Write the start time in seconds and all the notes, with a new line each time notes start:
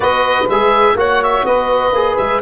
0.00 B3 F#4 B4 D#5
0.49 G#3 G#4 E5
0.95 A#3 F#4 C#5 F#5
1.23 E5
1.44 B3 B4 D#5
1.91 A#3 G#4
2.16 G#3 E5